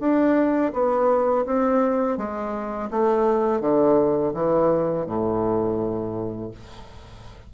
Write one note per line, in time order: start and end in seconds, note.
0.00 0.72 D4
0.73 1.45 B3
1.46 2.17 C4
2.17 2.89 G#3
2.91 3.61 A3
3.61 4.33 D3
4.34 5.06 E3
5.06 6.51 A2